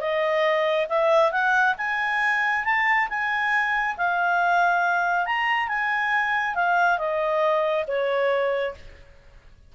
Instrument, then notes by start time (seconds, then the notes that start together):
clarinet
0.00 D#5
0.89 E5
1.31 F#5
1.77 G#5
2.64 A5
3.09 G#5
3.97 F5
5.26 A#5
5.68 G#5
6.55 F5
6.98 D#5
7.87 C#5